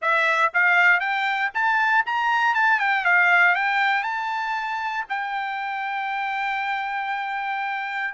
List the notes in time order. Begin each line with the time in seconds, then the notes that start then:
0.01 E5
0.53 F5
1.00 G5
1.54 A5
2.05 A#5
2.54 A5
2.79 G5
3.04 F5
3.55 G5
4.03 A5
5.09 G5